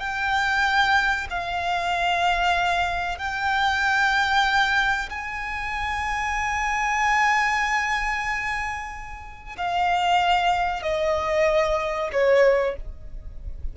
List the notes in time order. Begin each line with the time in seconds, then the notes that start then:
0.00 G5
1.31 F5
3.19 G5
5.10 G#5
9.58 F5
10.83 D#5
12.13 C#5